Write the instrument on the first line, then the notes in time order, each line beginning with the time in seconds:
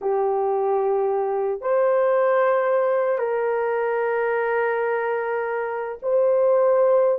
horn
0.01 G4
1.61 C5
3.18 A#4
6.02 C5